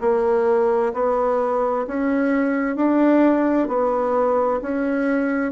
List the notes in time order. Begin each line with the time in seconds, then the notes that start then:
0.00 A#3
0.93 B3
1.87 C#4
2.76 D4
3.68 B3
4.62 C#4